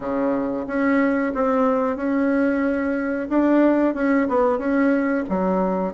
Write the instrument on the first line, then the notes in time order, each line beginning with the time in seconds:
bassoon
0.00 C#3
0.67 C#4
1.34 C4
1.96 C#4
3.29 D4
3.94 C#4
4.28 B3
4.58 C#4
5.29 F#3